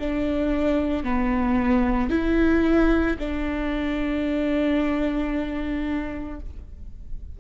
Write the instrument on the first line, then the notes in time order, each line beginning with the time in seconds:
viola
0.00 D4
1.04 B3
2.10 E4
3.19 D4